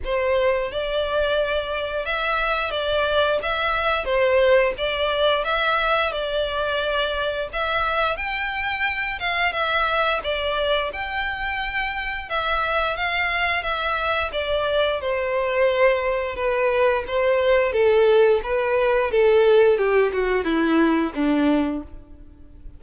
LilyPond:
\new Staff \with { instrumentName = "violin" } { \time 4/4 \tempo 4 = 88 c''4 d''2 e''4 | d''4 e''4 c''4 d''4 | e''4 d''2 e''4 | g''4. f''8 e''4 d''4 |
g''2 e''4 f''4 | e''4 d''4 c''2 | b'4 c''4 a'4 b'4 | a'4 g'8 fis'8 e'4 d'4 | }